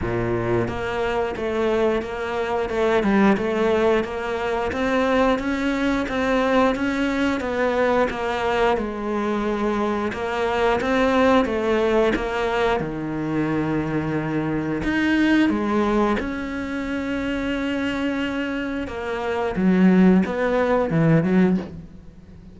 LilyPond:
\new Staff \with { instrumentName = "cello" } { \time 4/4 \tempo 4 = 89 ais,4 ais4 a4 ais4 | a8 g8 a4 ais4 c'4 | cis'4 c'4 cis'4 b4 | ais4 gis2 ais4 |
c'4 a4 ais4 dis4~ | dis2 dis'4 gis4 | cis'1 | ais4 fis4 b4 e8 fis8 | }